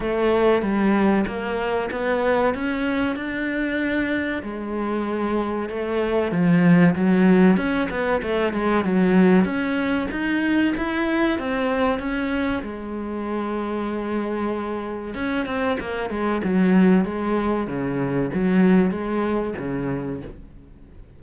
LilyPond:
\new Staff \with { instrumentName = "cello" } { \time 4/4 \tempo 4 = 95 a4 g4 ais4 b4 | cis'4 d'2 gis4~ | gis4 a4 f4 fis4 | cis'8 b8 a8 gis8 fis4 cis'4 |
dis'4 e'4 c'4 cis'4 | gis1 | cis'8 c'8 ais8 gis8 fis4 gis4 | cis4 fis4 gis4 cis4 | }